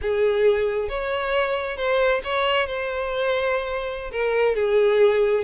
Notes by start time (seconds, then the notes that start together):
0.01 G#4
0.88 C#5
1.77 C5
2.24 C#5
2.66 C5
4.11 A#4
4.55 G#4